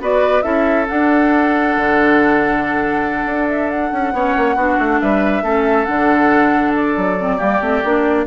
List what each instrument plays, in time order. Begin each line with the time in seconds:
0.00 bassoon B3, clarinet F#4, oboe B4, flute D5
0.42 bassoon C#4, clarinet E4, oboe A4, flute E5
0.88 clarinet D4, bassoon D4, flute F#5
1.77 bassoon D3
3.26 bassoon D4
3.49 flute E5
3.70 flute F#5
3.92 bassoon C#4
4.13 bassoon B3, clarinet C#4, oboe C#5
4.37 bassoon A#3
4.56 bassoon B3, clarinet D4, oboe F#4
4.79 bassoon A3
5.00 bassoon G3, oboe B4, flute E5
5.43 bassoon A3, clarinet C#4, oboe A4
5.85 bassoon D3, clarinet D4, flute F#5
6.74 flute D5
6.96 bassoon F#3
7.19 clarinet C4
7.37 bassoon G3, clarinet A#3, oboe G4
7.61 bassoon A3, clarinet C4
7.84 bassoon A#3, clarinet D4